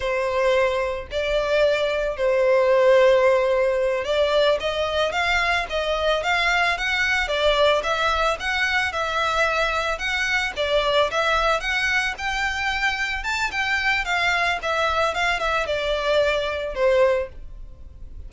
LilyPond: \new Staff \with { instrumentName = "violin" } { \time 4/4 \tempo 4 = 111 c''2 d''2 | c''2.~ c''8 d''8~ | d''8 dis''4 f''4 dis''4 f''8~ | f''8 fis''4 d''4 e''4 fis''8~ |
fis''8 e''2 fis''4 d''8~ | d''8 e''4 fis''4 g''4.~ | g''8 a''8 g''4 f''4 e''4 | f''8 e''8 d''2 c''4 | }